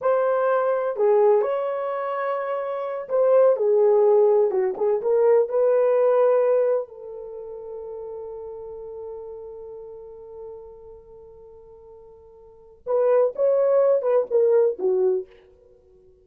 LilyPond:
\new Staff \with { instrumentName = "horn" } { \time 4/4 \tempo 4 = 126 c''2 gis'4 cis''4~ | cis''2~ cis''8 c''4 gis'8~ | gis'4. fis'8 gis'8 ais'4 b'8~ | b'2~ b'8 a'4.~ |
a'1~ | a'1~ | a'2. b'4 | cis''4. b'8 ais'4 fis'4 | }